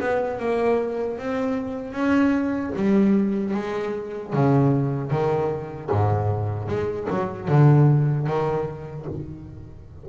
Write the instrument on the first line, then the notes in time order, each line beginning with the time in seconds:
double bass
0.00 B3
0.39 A#3
1.18 C4
1.92 C#4
2.76 G3
3.54 G#3
4.33 C#3
5.11 D#3
5.91 G#2
6.67 G#3
7.09 F#3
7.48 D3
8.26 D#3